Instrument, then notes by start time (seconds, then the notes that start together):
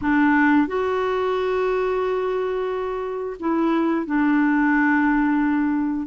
clarinet
0.01 D4
0.67 F#4
3.39 E4
4.05 D4